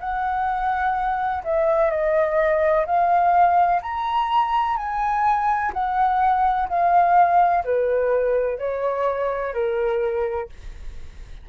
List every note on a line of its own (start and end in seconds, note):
0.00 1.43 F#5
1.44 1.90 E5
1.90 2.85 D#5
2.86 3.81 F5
3.82 4.76 A#5
4.76 5.71 G#5
5.73 6.68 F#5
6.68 7.64 F5
7.64 8.58 B4
8.58 9.53 C#5
9.53 10.48 A#4